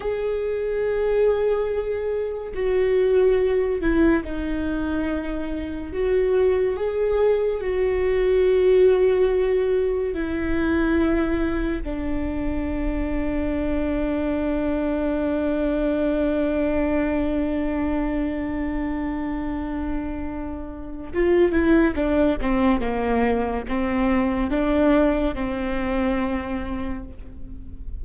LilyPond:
\new Staff \with { instrumentName = "viola" } { \time 4/4 \tempo 4 = 71 gis'2. fis'4~ | fis'8 e'8 dis'2 fis'4 | gis'4 fis'2. | e'2 d'2~ |
d'1~ | d'1~ | d'4 f'8 e'8 d'8 c'8 ais4 | c'4 d'4 c'2 | }